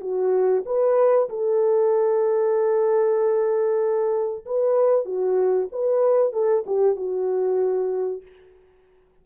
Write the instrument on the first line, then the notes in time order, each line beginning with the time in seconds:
horn
0.00 F#4
0.65 B4
1.29 A4
4.45 B4
5.05 F#4
5.72 B4
6.32 A4
6.66 G4
6.96 F#4